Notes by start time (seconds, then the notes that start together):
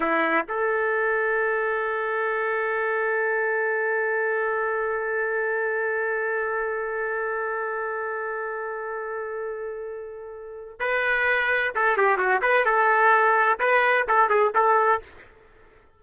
0.00 E4
0.48 A4
10.79 B4
11.75 A4
11.97 G4
12.17 F#4
12.41 B4
12.65 A4
13.59 B4
14.08 A4
14.29 G#4
14.55 A4